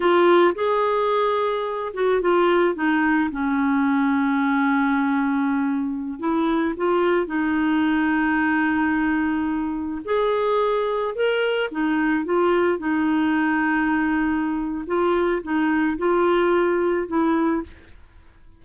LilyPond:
\new Staff \with { instrumentName = "clarinet" } { \time 4/4 \tempo 4 = 109 f'4 gis'2~ gis'8 fis'8 | f'4 dis'4 cis'2~ | cis'2.~ cis'16 e'8.~ | e'16 f'4 dis'2~ dis'8.~ |
dis'2~ dis'16 gis'4.~ gis'16~ | gis'16 ais'4 dis'4 f'4 dis'8.~ | dis'2. f'4 | dis'4 f'2 e'4 | }